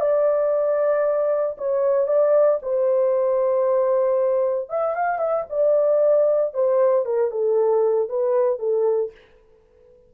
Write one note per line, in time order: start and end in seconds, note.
0.00 1.57 D5
1.58 2.07 C#5
2.07 2.59 D5
2.62 4.70 C5
4.70 4.95 E5
4.95 5.19 F5
5.19 5.45 E5
5.49 6.54 D5
6.54 7.05 C5
7.05 7.31 A#4
7.31 8.09 A4
8.09 8.59 B4
8.59 9.11 A4